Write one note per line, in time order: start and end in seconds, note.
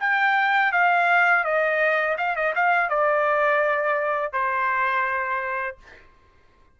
0.00 0.72 G5
0.72 1.44 F5
1.44 2.17 D#5
2.18 2.36 F5
2.36 2.54 D#5
2.55 2.89 F5
2.89 4.33 D5
4.33 5.77 C5